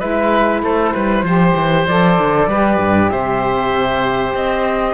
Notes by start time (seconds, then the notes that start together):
0.00 G#3 E4 B4 E5
0.63 A3 A4 C5
0.94 G3 B4
1.23 F3 G4 C5
1.56 E3
1.88 F3 A4 D5
2.19 D3
2.48 G3 G4 B4
2.78 G2
3.10 C3 C5 E5
4.34 C4 D#5